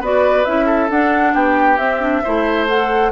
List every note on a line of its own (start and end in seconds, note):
0.00 0.45 B3
0.00 0.45 F#4
0.00 0.66 B4
0.00 0.44 D5
0.44 0.89 C#4
0.44 0.90 E4
0.44 0.89 E5
0.66 1.32 A4
0.89 1.34 D4
0.89 1.78 D4
0.89 1.34 F#5
1.34 1.78 B3
1.34 2.22 G4
1.34 1.77 G5
1.77 2.22 C4
1.77 2.00 C4
1.77 2.66 E5
2.00 2.23 D4
2.23 3.12 A3
2.23 2.69 E4
2.23 3.12 C5
2.67 3.12 A4
2.67 3.12 F#5